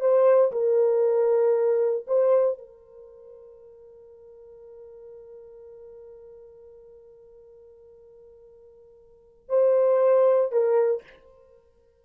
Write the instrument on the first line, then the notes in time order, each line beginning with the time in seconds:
horn
0.00 C5
0.52 A#4
2.07 C5
2.58 A#4
9.49 C5
10.52 A#4